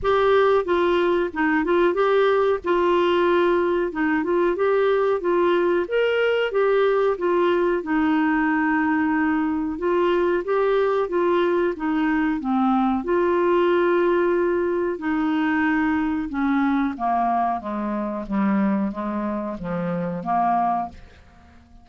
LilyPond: \new Staff \with { instrumentName = "clarinet" } { \time 4/4 \tempo 4 = 92 g'4 f'4 dis'8 f'8 g'4 | f'2 dis'8 f'8 g'4 | f'4 ais'4 g'4 f'4 | dis'2. f'4 |
g'4 f'4 dis'4 c'4 | f'2. dis'4~ | dis'4 cis'4 ais4 gis4 | g4 gis4 f4 ais4 | }